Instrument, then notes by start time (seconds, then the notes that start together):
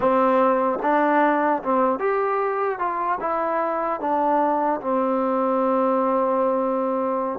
trombone
0.00 C4
0.82 D4
1.62 C4
1.99 G4
2.79 F4
3.20 E4
4.00 D4
4.80 C4